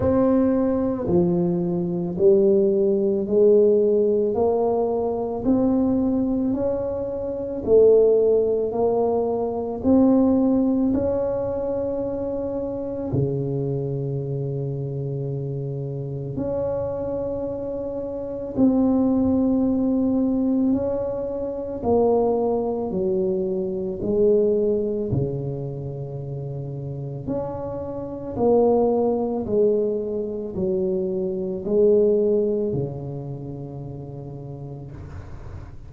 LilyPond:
\new Staff \with { instrumentName = "tuba" } { \time 4/4 \tempo 4 = 55 c'4 f4 g4 gis4 | ais4 c'4 cis'4 a4 | ais4 c'4 cis'2 | cis2. cis'4~ |
cis'4 c'2 cis'4 | ais4 fis4 gis4 cis4~ | cis4 cis'4 ais4 gis4 | fis4 gis4 cis2 | }